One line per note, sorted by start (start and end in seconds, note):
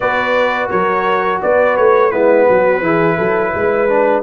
0.00 0.71 B3
0.00 2.12 F#4
0.00 0.70 B4
0.00 0.69 D5
0.70 1.41 F#3
0.70 1.41 A#4
0.70 1.40 C#5
1.42 1.78 B3
1.42 2.11 B4
1.42 1.76 D5
1.76 2.12 A3
1.76 2.11 C#5
2.11 2.48 G#3
2.11 2.82 B3
2.11 2.47 E4
2.11 4.22 B4
2.48 2.81 F#3
2.48 2.84 F#4
2.81 3.16 E3
2.81 3.88 E4
2.81 3.16 G#4
3.16 3.54 F#3
3.16 3.51 A4
3.54 4.22 G#3
3.54 4.22 B4
3.88 4.22 D4